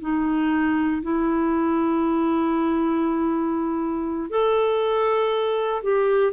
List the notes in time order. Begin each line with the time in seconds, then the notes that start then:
0.00 D#4
1.02 E4
4.29 A4
5.82 G4